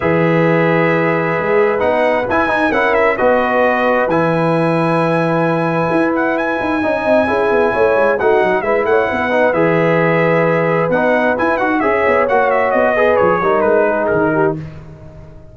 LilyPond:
<<
  \new Staff \with { instrumentName = "trumpet" } { \time 4/4 \tempo 4 = 132 e''1 | fis''4 gis''4 fis''8 e''8 dis''4~ | dis''4 gis''2.~ | gis''4. fis''8 gis''2~ |
gis''2 fis''4 e''8 fis''8~ | fis''4 e''2. | fis''4 gis''8 fis''8 e''4 fis''8 e''8 | dis''4 cis''4 b'4 ais'4 | }
  \new Staff \with { instrumentName = "horn" } { \time 4/4 b'1~ | b'2 ais'4 b'4~ | b'1~ | b'2. dis''4 |
gis'4 cis''4 fis'4 b'8 cis''8 | b'1~ | b'2 cis''2~ | cis''8 b'4 ais'4 gis'4 g'8 | }
  \new Staff \with { instrumentName = "trombone" } { \time 4/4 gis'1 | dis'4 e'8 dis'8 e'4 fis'4~ | fis'4 e'2.~ | e'2. dis'4 |
e'2 dis'4 e'4~ | e'8 dis'8 gis'2. | dis'4 e'8 fis'8 gis'4 fis'4~ | fis'8 gis'4 dis'2~ dis'8 | }
  \new Staff \with { instrumentName = "tuba" } { \time 4/4 e2. gis4 | b4 e'8 dis'8 cis'4 b4~ | b4 e2.~ | e4 e'4. dis'8 cis'8 c'8 |
cis'8 b8 a8 gis8 a8 fis8 gis8 a8 | b4 e2. | b4 e'8 dis'8 cis'8 b8 ais4 | b4 f8 g8 gis4 dis4 | }
>>